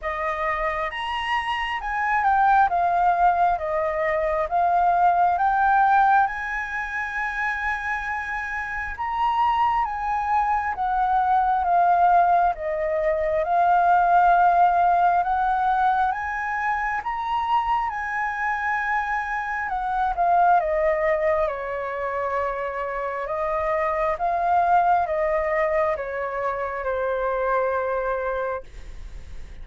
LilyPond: \new Staff \with { instrumentName = "flute" } { \time 4/4 \tempo 4 = 67 dis''4 ais''4 gis''8 g''8 f''4 | dis''4 f''4 g''4 gis''4~ | gis''2 ais''4 gis''4 | fis''4 f''4 dis''4 f''4~ |
f''4 fis''4 gis''4 ais''4 | gis''2 fis''8 f''8 dis''4 | cis''2 dis''4 f''4 | dis''4 cis''4 c''2 | }